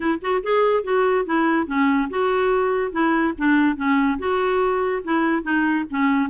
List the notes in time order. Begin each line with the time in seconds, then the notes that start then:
0.00 E4
0.21 F#4
0.43 G#4
0.83 F#4
1.25 E4
1.66 C#4
2.09 F#4
2.91 E4
3.38 D4
3.76 C#4
4.18 F#4
5.03 E4
5.42 D#4
5.90 C#4